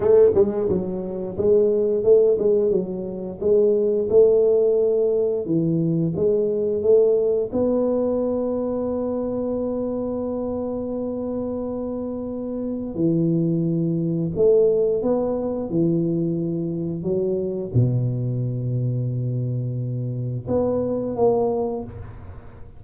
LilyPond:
\new Staff \with { instrumentName = "tuba" } { \time 4/4 \tempo 4 = 88 a8 gis8 fis4 gis4 a8 gis8 | fis4 gis4 a2 | e4 gis4 a4 b4~ | b1~ |
b2. e4~ | e4 a4 b4 e4~ | e4 fis4 b,2~ | b,2 b4 ais4 | }